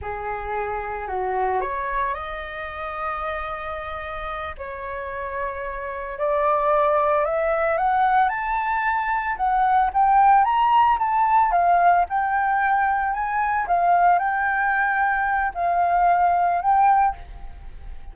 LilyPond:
\new Staff \with { instrumentName = "flute" } { \time 4/4 \tempo 4 = 112 gis'2 fis'4 cis''4 | dis''1~ | dis''8 cis''2. d''8~ | d''4. e''4 fis''4 a''8~ |
a''4. fis''4 g''4 ais''8~ | ais''8 a''4 f''4 g''4.~ | g''8 gis''4 f''4 g''4.~ | g''4 f''2 g''4 | }